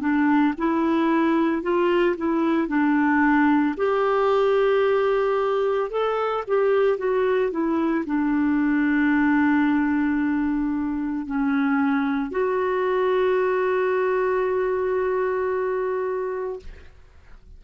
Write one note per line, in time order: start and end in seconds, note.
0.00 0.54 D4
0.57 1.62 E4
1.62 2.15 F4
2.17 2.68 E4
2.68 3.75 D4
3.77 5.90 G4
5.90 6.44 A4
6.47 6.97 G4
6.97 7.51 F#4
7.51 8.05 E4
8.06 11.26 D4
11.26 12.31 C#4
12.31 16.59 F#4